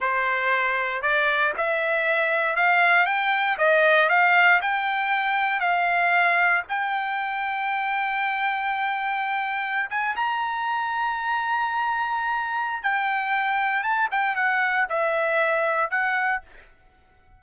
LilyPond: \new Staff \with { instrumentName = "trumpet" } { \time 4/4 \tempo 4 = 117 c''2 d''4 e''4~ | e''4 f''4 g''4 dis''4 | f''4 g''2 f''4~ | f''4 g''2.~ |
g''2.~ g''16 gis''8 ais''16~ | ais''1~ | ais''4 g''2 a''8 g''8 | fis''4 e''2 fis''4 | }